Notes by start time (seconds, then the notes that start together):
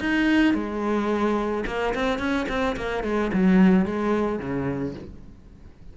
0.00 D#4
0.54 G#3
1.67 A#3
1.95 C4
2.19 C#4
2.49 C4
2.77 A#3
3.04 G#3
3.33 F#3
3.86 G#3
4.39 C#3